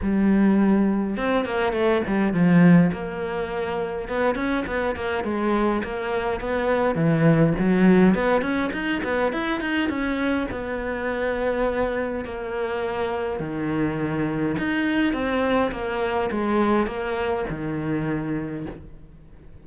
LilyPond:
\new Staff \with { instrumentName = "cello" } { \time 4/4 \tempo 4 = 103 g2 c'8 ais8 a8 g8 | f4 ais2 b8 cis'8 | b8 ais8 gis4 ais4 b4 | e4 fis4 b8 cis'8 dis'8 b8 |
e'8 dis'8 cis'4 b2~ | b4 ais2 dis4~ | dis4 dis'4 c'4 ais4 | gis4 ais4 dis2 | }